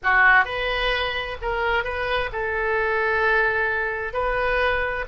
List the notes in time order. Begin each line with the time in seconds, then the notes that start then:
0.03 F#4
0.44 B4
1.41 A#4
1.84 B4
2.32 A4
4.13 B4